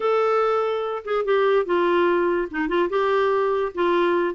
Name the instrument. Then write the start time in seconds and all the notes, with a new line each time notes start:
clarinet
0.00 A4
1.04 G#4
1.24 G4
1.65 F4
2.50 D#4
2.68 F4
2.89 G4
3.74 F4